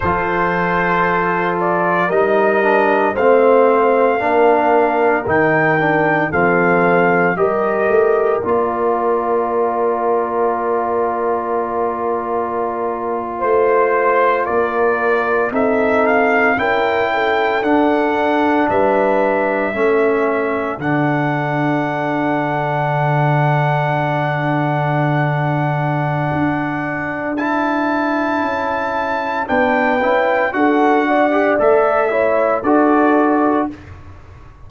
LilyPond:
<<
  \new Staff \with { instrumentName = "trumpet" } { \time 4/4 \tempo 4 = 57 c''4. d''8 dis''4 f''4~ | f''4 g''4 f''4 dis''4 | d''1~ | d''8. c''4 d''4 e''8 f''8 g''16~ |
g''8. fis''4 e''2 fis''16~ | fis''1~ | fis''2 a''2 | g''4 fis''4 e''4 d''4 | }
  \new Staff \with { instrumentName = "horn" } { \time 4/4 a'2 ais'4 c''4 | ais'2 a'4 ais'4~ | ais'1~ | ais'8. c''4 ais'4 a'4 ais'16~ |
ais'16 a'4. b'4 a'4~ a'16~ | a'1~ | a'1 | b'4 a'8 d''4 cis''8 a'4 | }
  \new Staff \with { instrumentName = "trombone" } { \time 4/4 f'2 dis'8 d'8 c'4 | d'4 dis'8 d'8 c'4 g'4 | f'1~ | f'2~ f'8. dis'4 e'16~ |
e'8. d'2 cis'4 d'16~ | d'1~ | d'2 e'2 | d'8 e'8 fis'8. g'16 a'8 e'8 fis'4 | }
  \new Staff \with { instrumentName = "tuba" } { \time 4/4 f2 g4 a4 | ais4 dis4 f4 g8 a8 | ais1~ | ais8. a4 ais4 c'4 cis'16~ |
cis'8. d'4 g4 a4 d16~ | d1~ | d4 d'2 cis'4 | b8 cis'8 d'4 a4 d'4 | }
>>